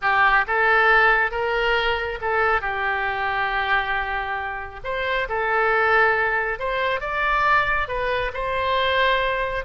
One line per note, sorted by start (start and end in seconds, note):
0.01 0.45 G4
0.47 1.31 A4
1.31 2.18 A#4
2.21 2.61 A4
2.61 4.80 G4
4.84 5.28 C5
5.29 6.59 A4
6.59 7.00 C5
7.00 7.88 D5
7.88 8.31 B4
8.33 9.64 C5